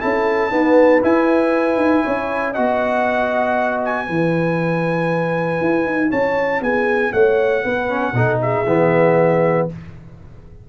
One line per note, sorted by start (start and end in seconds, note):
0.00 0.51 C#4
0.00 0.50 E4
0.00 0.51 A4
0.00 1.03 A5
0.50 1.01 B3
0.50 1.01 D#4
0.50 2.04 B4
1.02 2.55 E4
1.02 1.76 E4
1.02 2.53 G#5
1.76 2.02 D#4
2.04 2.58 C#4
2.04 2.51 C#5
2.51 4.07 F#4
2.51 4.04 D#5
2.51 3.81 F#5
2.58 4.08 B3
3.85 6.11 G#5
4.06 5.61 E3
4.06 7.89 E4
4.06 6.10 B4
5.61 5.85 E4
5.85 6.11 D#4
6.10 6.61 C#4
6.10 6.60 C#5
6.10 6.62 A5
6.61 7.11 B3
6.61 7.12 G#4
6.61 7.12 G#5
7.12 7.64 A3
7.12 7.63 C#5
7.12 8.40 F#5
7.63 8.12 B3
7.63 8.14 B4
7.89 8.14 C#4
8.12 8.63 B2
8.12 8.66 D#4
8.12 8.41 A4
8.41 9.69 G#4
8.41 9.68 E5
8.66 9.68 E3
8.66 9.69 B3